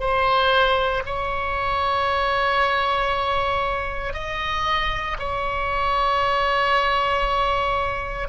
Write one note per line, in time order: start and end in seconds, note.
0.00 1.03 C5
1.06 4.14 C#5
4.14 5.17 D#5
5.19 8.29 C#5